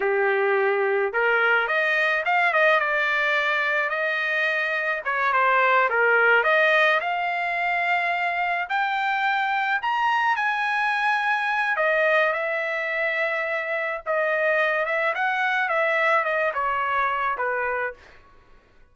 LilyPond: \new Staff \with { instrumentName = "trumpet" } { \time 4/4 \tempo 4 = 107 g'2 ais'4 dis''4 | f''8 dis''8 d''2 dis''4~ | dis''4 cis''8 c''4 ais'4 dis''8~ | dis''8 f''2. g''8~ |
g''4. ais''4 gis''4.~ | gis''4 dis''4 e''2~ | e''4 dis''4. e''8 fis''4 | e''4 dis''8 cis''4. b'4 | }